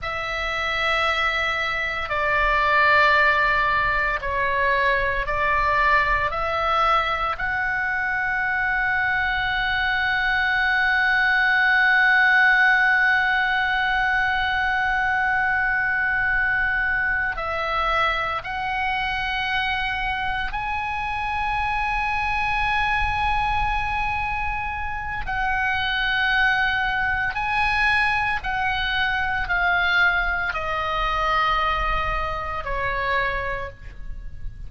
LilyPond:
\new Staff \with { instrumentName = "oboe" } { \time 4/4 \tempo 4 = 57 e''2 d''2 | cis''4 d''4 e''4 fis''4~ | fis''1~ | fis''1~ |
fis''8 e''4 fis''2 gis''8~ | gis''1 | fis''2 gis''4 fis''4 | f''4 dis''2 cis''4 | }